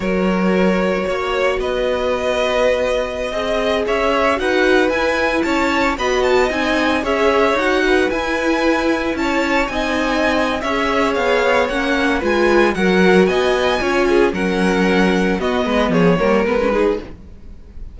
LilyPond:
<<
  \new Staff \with { instrumentName = "violin" } { \time 4/4 \tempo 4 = 113 cis''2. dis''4~ | dis''2.~ dis''16 e''8.~ | e''16 fis''4 gis''4 a''4 b''8 a''16~ | a''16 gis''4 e''4 fis''4 gis''8.~ |
gis''4~ gis''16 a''4 gis''4.~ gis''16 | e''4 f''4 fis''4 gis''4 | fis''4 gis''2 fis''4~ | fis''4 dis''4 cis''4 b'4 | }
  \new Staff \with { instrumentName = "violin" } { \time 4/4 ais'2 cis''4 b'4~ | b'2~ b'16 dis''4 cis''8.~ | cis''16 b'2 cis''4 dis''8.~ | dis''4~ dis''16 cis''4. b'4~ b'16~ |
b'4~ b'16 cis''4 dis''4.~ dis''16 | cis''2. b'4 | ais'4 dis''4 cis''8 gis'8 ais'4~ | ais'4 fis'8 b'8 gis'8 ais'4 gis'8 | }
  \new Staff \with { instrumentName = "viola" } { \time 4/4 fis'1~ | fis'2~ fis'16 gis'4.~ gis'16~ | gis'16 fis'4 e'2 fis'8.~ | fis'16 dis'4 gis'4 fis'4 e'8.~ |
e'2~ e'16 dis'4.~ dis'16 | gis'2 cis'4 f'4 | fis'2 f'4 cis'4~ | cis'4 b4. ais8 b16 cis'16 dis'8 | }
  \new Staff \with { instrumentName = "cello" } { \time 4/4 fis2 ais4 b4~ | b2~ b16 c'4 cis'8.~ | cis'16 dis'4 e'4 cis'4 b8.~ | b16 c'4 cis'4 dis'4 e'8.~ |
e'4~ e'16 cis'4 c'4.~ c'16 | cis'4 b4 ais4 gis4 | fis4 b4 cis'4 fis4~ | fis4 b8 gis8 f8 g8 gis4 | }
>>